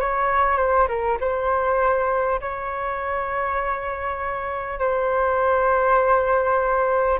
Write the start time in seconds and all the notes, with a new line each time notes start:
0.00 C#5
0.57 C5
0.88 A#4
1.20 C5
2.40 C#5
4.79 C5